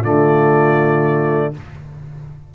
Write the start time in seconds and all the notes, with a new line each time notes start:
0.00 D3 A3 F4 D5